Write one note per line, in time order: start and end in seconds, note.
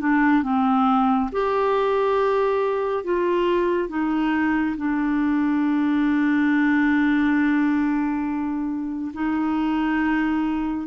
0.00 0.43 D4
0.43 1.30 C4
1.32 3.04 G4
3.04 3.89 F4
3.89 4.76 D#4
4.77 9.12 D4
9.13 10.87 D#4